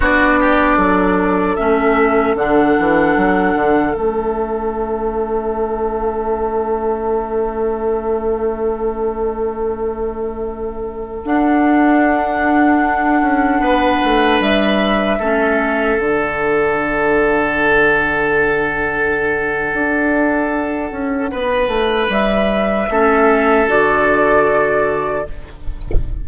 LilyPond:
<<
  \new Staff \with { instrumentName = "flute" } { \time 4/4 \tempo 4 = 76 d''2 e''4 fis''4~ | fis''4 e''2.~ | e''1~ | e''2~ e''16 fis''4.~ fis''16~ |
fis''2~ fis''16 e''4.~ e''16~ | e''16 fis''2.~ fis''8.~ | fis''1 | e''2 d''2 | }
  \new Staff \with { instrumentName = "oboe" } { \time 4/4 fis'8 g'8 a'2.~ | a'1~ | a'1~ | a'1~ |
a'4~ a'16 b'2 a'8.~ | a'1~ | a'2. b'4~ | b'4 a'2. | }
  \new Staff \with { instrumentName = "clarinet" } { \time 4/4 d'2 cis'4 d'4~ | d'4 cis'2.~ | cis'1~ | cis'2~ cis'16 d'4.~ d'16~ |
d'2.~ d'16 cis'8.~ | cis'16 d'2.~ d'8.~ | d'1~ | d'4 cis'4 fis'2 | }
  \new Staff \with { instrumentName = "bassoon" } { \time 4/4 b4 fis4 a4 d8 e8 | fis8 d8 a2.~ | a1~ | a2~ a16 d'4.~ d'16~ |
d'8. cis'8 b8 a8 g4 a8.~ | a16 d2.~ d8.~ | d4 d'4. cis'8 b8 a8 | g4 a4 d2 | }
>>